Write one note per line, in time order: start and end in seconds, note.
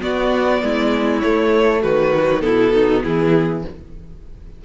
0.00 1.21 B3
0.00 0.62 B3
0.00 0.62 F#4
0.00 1.20 D5
0.62 1.23 G#3
0.62 1.82 E4
1.20 2.14 A3
1.20 1.84 A3
1.20 1.81 C#5
1.82 2.44 D#3
1.82 2.42 F#4
1.82 2.41 B4
2.16 2.41 F#3
2.41 3.04 B2
2.41 3.62 B3
2.41 2.73 E4
2.41 3.02 A4
2.73 3.03 D#4
3.03 3.65 E3
3.03 3.64 E4
3.03 3.64 G#4